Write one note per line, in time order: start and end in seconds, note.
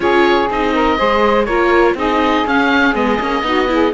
0.00 0.49 C#4
0.00 0.48 F4
0.00 0.73 G#4
0.00 0.49 C#5
0.49 0.99 C4
0.49 0.97 D#4
0.49 1.45 D#5
0.73 0.97 A#4
0.97 1.47 G#3
0.97 1.47 G#4
0.97 1.46 C5
1.45 1.94 A#3
1.45 1.97 F4
1.45 1.95 A#4
1.45 1.94 C#5
1.94 2.43 C4
1.94 2.45 D#4
1.94 3.44 G#4
1.94 2.47 D#5
2.45 2.93 C#4
2.45 2.94 C#4
2.45 2.95 F5
2.93 3.18 G#3
2.93 3.18 B3
2.93 3.93 D#5
3.20 3.42 A#3
3.20 3.43 C#4
3.42 3.91 B3
3.42 3.67 D#4
3.42 3.70 F#4
3.67 3.92 E4
3.67 3.93 G#4